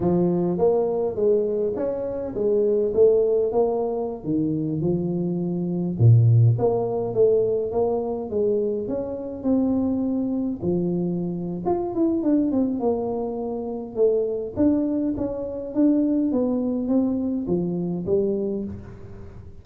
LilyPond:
\new Staff \with { instrumentName = "tuba" } { \time 4/4 \tempo 4 = 103 f4 ais4 gis4 cis'4 | gis4 a4 ais4~ ais16 dis8.~ | dis16 f2 ais,4 ais8.~ | ais16 a4 ais4 gis4 cis'8.~ |
cis'16 c'2 f4.~ f16 | f'8 e'8 d'8 c'8 ais2 | a4 d'4 cis'4 d'4 | b4 c'4 f4 g4 | }